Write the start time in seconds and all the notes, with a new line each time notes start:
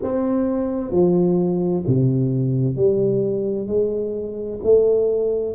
0.02 C4
0.91 F3
1.87 C3
2.76 G3
3.67 G#3
4.63 A3